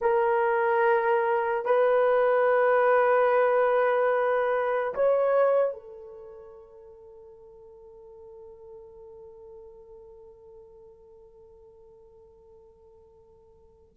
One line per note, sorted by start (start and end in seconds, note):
0.01 1.65 A#4
1.65 4.94 B4
4.94 5.73 C#5
5.73 13.95 A4